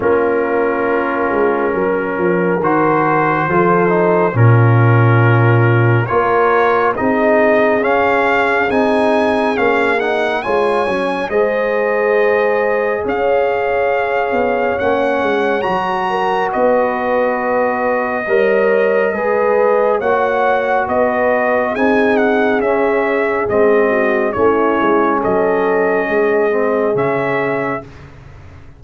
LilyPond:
<<
  \new Staff \with { instrumentName = "trumpet" } { \time 4/4 \tempo 4 = 69 ais'2. c''4~ | c''4 ais'2 cis''4 | dis''4 f''4 gis''4 f''8 fis''8 | gis''4 dis''2 f''4~ |
f''4 fis''4 ais''4 dis''4~ | dis''2. fis''4 | dis''4 gis''8 fis''8 e''4 dis''4 | cis''4 dis''2 e''4 | }
  \new Staff \with { instrumentName = "horn" } { \time 4/4 f'2 ais'2 | a'4 f'2 ais'4 | gis'1 | cis''4 c''2 cis''4~ |
cis''2~ cis''8 ais'8 b'4~ | b'4 cis''4 b'4 cis''4 | b'4 gis'2~ gis'8 fis'8 | e'4 a'4 gis'2 | }
  \new Staff \with { instrumentName = "trombone" } { \time 4/4 cis'2. fis'4 | f'8 dis'8 cis'2 f'4 | dis'4 cis'4 dis'4 cis'8 dis'8 | f'8 cis'8 gis'2.~ |
gis'4 cis'4 fis'2~ | fis'4 ais'4 gis'4 fis'4~ | fis'4 dis'4 cis'4 c'4 | cis'2~ cis'8 c'8 cis'4 | }
  \new Staff \with { instrumentName = "tuba" } { \time 4/4 ais4. gis8 fis8 f8 dis4 | f4 ais,2 ais4 | c'4 cis'4 c'4 ais4 | gis8 fis8 gis2 cis'4~ |
cis'8 b8 ais8 gis8 fis4 b4~ | b4 g4 gis4 ais4 | b4 c'4 cis'4 gis4 | a8 gis8 fis4 gis4 cis4 | }
>>